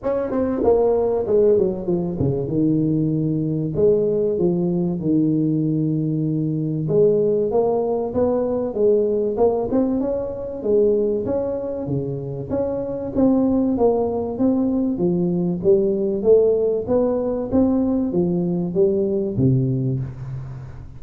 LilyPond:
\new Staff \with { instrumentName = "tuba" } { \time 4/4 \tempo 4 = 96 cis'8 c'8 ais4 gis8 fis8 f8 cis8 | dis2 gis4 f4 | dis2. gis4 | ais4 b4 gis4 ais8 c'8 |
cis'4 gis4 cis'4 cis4 | cis'4 c'4 ais4 c'4 | f4 g4 a4 b4 | c'4 f4 g4 c4 | }